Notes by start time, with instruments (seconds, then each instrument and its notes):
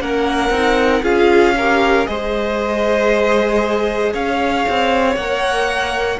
0.00 cello A#3, viola C#4, violin A#4 F#5
0.50 cello C4, viola D#4
1.03 cello C#4, viola F4, violin G#4 F5
1.57 viola G4, violin A#4
2.05 cello G#3, viola G#4, violin C5 D#5
4.13 cello C#4, violin C#5 F5
4.69 cello C4
5.16 cello A#3, viola A#4, violin F#5